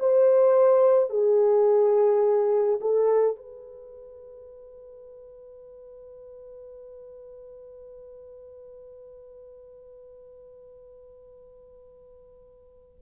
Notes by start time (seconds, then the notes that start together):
0.00 C5
1.10 G#4
2.81 A4
3.37 B4